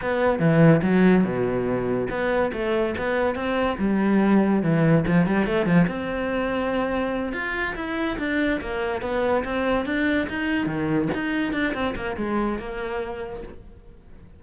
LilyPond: \new Staff \with { instrumentName = "cello" } { \time 4/4 \tempo 4 = 143 b4 e4 fis4 b,4~ | b,4 b4 a4 b4 | c'4 g2 e4 | f8 g8 a8 f8 c'2~ |
c'4. f'4 e'4 d'8~ | d'8 ais4 b4 c'4 d'8~ | d'8 dis'4 dis4 dis'4 d'8 | c'8 ais8 gis4 ais2 | }